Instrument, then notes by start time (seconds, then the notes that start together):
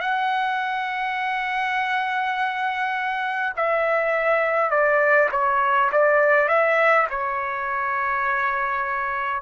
trumpet
0.00 F#5
3.56 E5
4.70 D5
5.31 C#5
5.91 D5
6.48 E5
7.10 C#5